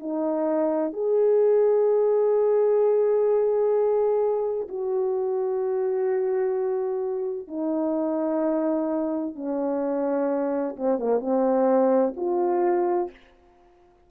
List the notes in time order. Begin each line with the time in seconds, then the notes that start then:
0.00 D#4
0.93 G#4
4.69 F#4
7.48 D#4
9.36 C#4
10.76 C4
10.99 A#3
11.20 C4
12.17 F4